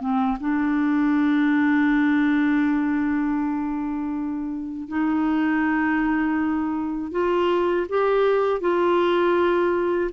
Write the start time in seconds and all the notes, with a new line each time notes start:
0.00 C4
0.40 D4
4.88 D#4
7.11 F4
7.89 G4
8.60 F4